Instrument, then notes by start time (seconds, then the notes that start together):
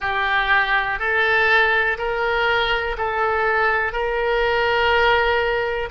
oboe
0.00 G4
0.99 A4
1.98 A#4
2.97 A4
3.92 A#4